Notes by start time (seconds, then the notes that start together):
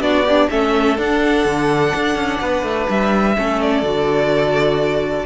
0.00 B3 D4 F#4 D5
0.23 D4 G4
0.50 A3 C#4 A4 E5
0.96 D4 F#5
1.45 D3
1.95 D4
2.15 C#4
2.40 B3 B4
2.62 A3
2.89 G3 E5
3.36 A3 C#4 A4
3.61 D5
3.82 D3 F#4